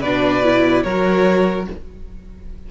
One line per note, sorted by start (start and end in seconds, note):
0.00 0.84 B2
0.00 0.43 D4
0.00 0.83 B4
0.00 0.83 D5
0.43 0.85 E4
0.83 1.67 F#3
0.83 1.71 F#4
0.83 1.67 A#4
0.83 1.66 C#5